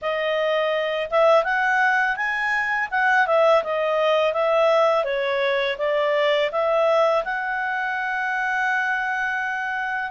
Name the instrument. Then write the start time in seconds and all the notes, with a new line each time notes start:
clarinet
0.01 D#5
1.10 E5
1.44 F#5
2.16 G#5
2.90 F#5
3.27 E5
3.63 D#5
4.33 E5
5.04 C#5
5.78 D5
6.51 E5
7.24 F#5